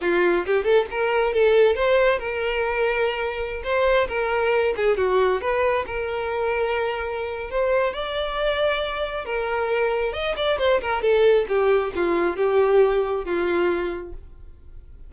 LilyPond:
\new Staff \with { instrumentName = "violin" } { \time 4/4 \tempo 4 = 136 f'4 g'8 a'8 ais'4 a'4 | c''4 ais'2.~ | ais'16 c''4 ais'4. gis'8 fis'8.~ | fis'16 b'4 ais'2~ ais'8.~ |
ais'4 c''4 d''2~ | d''4 ais'2 dis''8 d''8 | c''8 ais'8 a'4 g'4 f'4 | g'2 f'2 | }